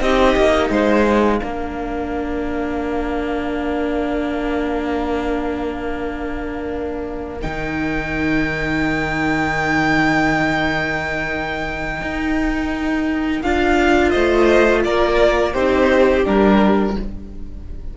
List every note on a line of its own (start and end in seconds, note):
0.00 0.35 C4
0.00 1.39 D#4
0.00 0.70 G4
0.00 0.70 D#5
0.36 0.69 A#3
0.69 1.40 G#3
0.69 1.40 C5
0.69 7.40 F5
1.39 7.43 A#3
1.39 7.39 D4
1.39 14.10 A#4
7.41 12.01 D#3
7.41 13.41 D#4
7.41 13.41 G5
12.01 13.42 D#4
13.41 14.14 D4
13.41 15.54 F4
13.41 14.11 F5
14.10 14.85 A3
14.10 14.80 C5
14.10 14.81 D#5
14.84 15.55 A#3
14.84 15.52 A#4
14.84 15.53 D5
15.52 16.25 C4
15.52 16.23 D#4
15.52 16.93 G4
15.52 16.24 C5
16.23 16.96 G3
16.23 16.93 D4
16.23 16.97 A#4